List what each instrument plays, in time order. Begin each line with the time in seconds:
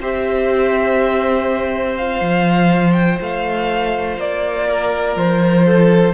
0.00 cello C4, viola G4, violin C5 E5
1.96 viola F4, violin F5
2.21 cello F3
2.93 violin G5
3.21 cello A3, violin F5
4.18 cello A#3, violin D5
4.68 violin A#4
5.16 cello F3, violin C5
5.66 violin A4